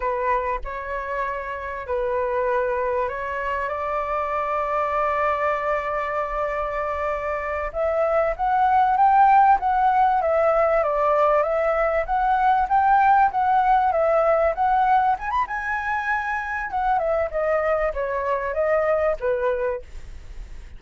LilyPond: \new Staff \with { instrumentName = "flute" } { \time 4/4 \tempo 4 = 97 b'4 cis''2 b'4~ | b'4 cis''4 d''2~ | d''1~ | d''8 e''4 fis''4 g''4 fis''8~ |
fis''8 e''4 d''4 e''4 fis''8~ | fis''8 g''4 fis''4 e''4 fis''8~ | fis''8 gis''16 b''16 gis''2 fis''8 e''8 | dis''4 cis''4 dis''4 b'4 | }